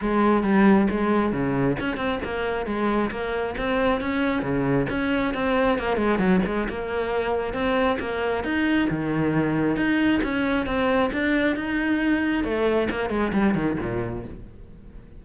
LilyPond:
\new Staff \with { instrumentName = "cello" } { \time 4/4 \tempo 4 = 135 gis4 g4 gis4 cis4 | cis'8 c'8 ais4 gis4 ais4 | c'4 cis'4 cis4 cis'4 | c'4 ais8 gis8 fis8 gis8 ais4~ |
ais4 c'4 ais4 dis'4 | dis2 dis'4 cis'4 | c'4 d'4 dis'2 | a4 ais8 gis8 g8 dis8 ais,4 | }